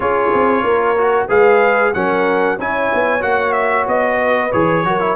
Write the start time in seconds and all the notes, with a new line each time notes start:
0.00 C#4 F4 G#4 C#5
0.33 C4
0.62 A#3 A#4
0.97 F#4
1.28 G#3 G#4 B4 F5
1.93 F#3 C#4 A#4 F#5
2.58 C#4 E4 C#5 G#5
2.93 B3
3.20 A#3 F#4 F#5
3.52 E5
3.87 B3 D#5
4.20 B4
4.52 E3 G#4 C#5
4.83 F#3 F#4 A#4
5.00 E4